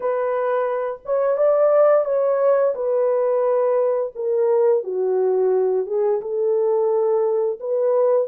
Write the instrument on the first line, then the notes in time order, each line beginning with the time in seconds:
horn
0.00 B4
1.05 C#5
1.37 D5
2.05 C#5
2.75 B4
4.15 A#4
4.83 F#4
5.86 G#4
6.21 A4
7.60 B4